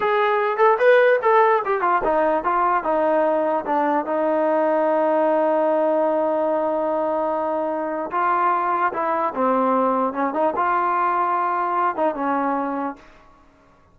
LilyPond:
\new Staff \with { instrumentName = "trombone" } { \time 4/4 \tempo 4 = 148 gis'4. a'8 b'4 a'4 | g'8 f'8 dis'4 f'4 dis'4~ | dis'4 d'4 dis'2~ | dis'1~ |
dis'1 | f'2 e'4 c'4~ | c'4 cis'8 dis'8 f'2~ | f'4. dis'8 cis'2 | }